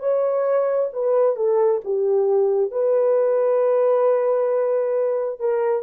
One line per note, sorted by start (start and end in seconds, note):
0.00 0.90 C#5
0.93 1.36 B4
1.36 1.81 A4
1.85 2.72 G4
2.72 5.40 B4
5.40 5.83 A#4